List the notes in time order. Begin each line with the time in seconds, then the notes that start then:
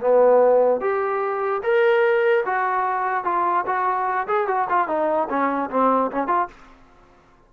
0.00 B3
0.81 G4
1.63 A#4
2.45 F#4
3.24 F4
3.66 F#4
4.27 G#4
4.47 F#4
4.69 F4
4.87 D#4
5.29 C#4
5.70 C4
6.11 C#4
6.27 F4